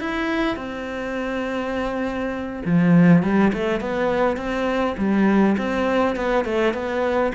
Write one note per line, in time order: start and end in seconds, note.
0.00 0.56 E4
0.56 2.62 C4
2.65 3.23 F3
3.23 3.52 G3
3.53 3.80 A3
3.80 4.37 B3
4.37 4.95 C4
4.97 5.56 G3
5.57 6.16 C4
6.16 6.45 B3
6.45 6.74 A3
6.74 7.32 B3